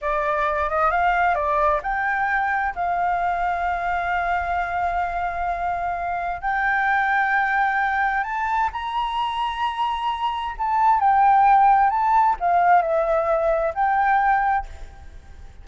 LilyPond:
\new Staff \with { instrumentName = "flute" } { \time 4/4 \tempo 4 = 131 d''4. dis''8 f''4 d''4 | g''2 f''2~ | f''1~ | f''2 g''2~ |
g''2 a''4 ais''4~ | ais''2. a''4 | g''2 a''4 f''4 | e''2 g''2 | }